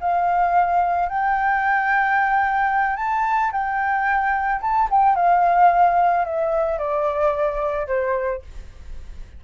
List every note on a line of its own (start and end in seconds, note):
0.00 1.09 F5
1.09 2.96 G5
2.96 3.51 A5
3.51 4.60 G5
4.61 4.88 A5
4.90 5.15 G5
5.15 6.24 F5
6.24 6.78 E5
6.78 7.87 D5
7.87 8.41 C5